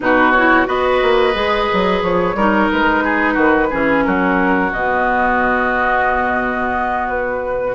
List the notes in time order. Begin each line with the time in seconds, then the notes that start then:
0.00 B2 D#4 F#4 B4
0.32 E4 C#5
0.66 B3 F#4 B4 D#5
1.02 A#3
1.34 G#3 G#4
1.73 F#3
2.02 F3 C#5
2.34 G3 D#4 A#4
2.71 G#3 B4
3.04 G#4
3.33 D#3 F#4
3.70 E3 C#4 G#4
4.03 F#3 F#4 A#4
4.72 B2 B3 D#5
7.08 B4